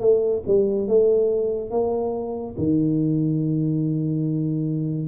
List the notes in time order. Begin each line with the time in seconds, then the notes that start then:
0.00 A3
0.47 G3
0.87 A3
1.71 A#3
2.57 D#3